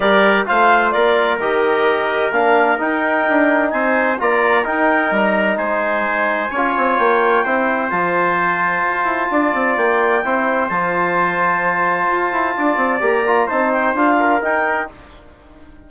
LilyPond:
<<
  \new Staff \with { instrumentName = "clarinet" } { \time 4/4 \tempo 4 = 129 d''4 f''4 d''4 dis''4~ | dis''4 f''4 g''2 | gis''4 ais''4 g''4 ais''4 | gis''2. g''4~ |
g''4 a''2.~ | a''4 g''2 a''4~ | a''1 | ais''4 a''8 g''8 f''4 g''4 | }
  \new Staff \with { instrumentName = "trumpet" } { \time 4/4 ais'4 c''4 ais'2~ | ais'1 | c''4 d''4 ais'2 | c''2 cis''2 |
c''1 | d''2 c''2~ | c''2. d''4~ | d''4 c''4. ais'4. | }
  \new Staff \with { instrumentName = "trombone" } { \time 4/4 g'4 f'2 g'4~ | g'4 d'4 dis'2~ | dis'4 f'4 dis'2~ | dis'2 f'2 |
e'4 f'2.~ | f'2 e'4 f'4~ | f'1 | g'8 f'8 dis'4 f'4 dis'4 | }
  \new Staff \with { instrumentName = "bassoon" } { \time 4/4 g4 a4 ais4 dis4~ | dis4 ais4 dis'4 d'4 | c'4 ais4 dis'4 g4 | gis2 cis'8 c'8 ais4 |
c'4 f2 f'8 e'8 | d'8 c'8 ais4 c'4 f4~ | f2 f'8 e'8 d'8 c'8 | ais4 c'4 d'4 dis'4 | }
>>